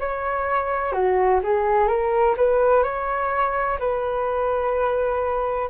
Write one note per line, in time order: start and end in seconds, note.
0.00 0.92 C#5
0.92 1.40 F#4
1.43 1.87 G#4
1.87 2.35 A#4
2.37 2.83 B4
2.83 3.78 C#5
3.79 5.70 B4